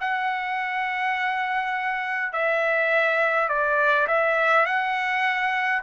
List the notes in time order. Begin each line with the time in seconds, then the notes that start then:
0.00 F#5
2.33 E5
3.48 D5
4.08 E5
4.66 F#5